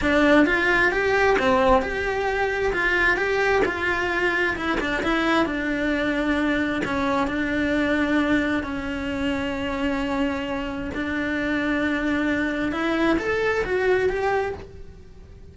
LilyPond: \new Staff \with { instrumentName = "cello" } { \time 4/4 \tempo 4 = 132 d'4 f'4 g'4 c'4 | g'2 f'4 g'4 | f'2 e'8 d'8 e'4 | d'2. cis'4 |
d'2. cis'4~ | cis'1 | d'1 | e'4 a'4 fis'4 g'4 | }